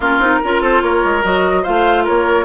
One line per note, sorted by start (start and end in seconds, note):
0.00 0.18 A#3
0.00 0.21 C#4
0.00 0.39 F4
0.00 0.62 A#4
0.18 0.39 C4
0.18 0.41 D#4
0.43 0.61 C#4
0.43 1.22 F4
0.43 0.61 A#4
0.61 0.81 C4
0.61 0.82 A4
0.61 0.82 C5
0.82 1.02 A#3
0.82 1.63 A#4
0.82 1.23 C#5
1.04 1.24 G#3
1.22 1.65 F#3
1.22 1.63 F#4
1.22 1.64 D#5
1.63 2.08 A3
1.63 2.45 F4
1.63 2.04 C5
1.63 2.05 F5
2.04 2.45 A#3
2.04 2.45 A#4
2.04 2.45 C#5